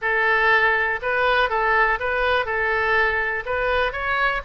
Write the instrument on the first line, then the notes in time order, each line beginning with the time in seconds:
oboe
0.01 A4
1.01 B4
1.49 A4
1.99 B4
2.45 A4
3.45 B4
3.92 C#5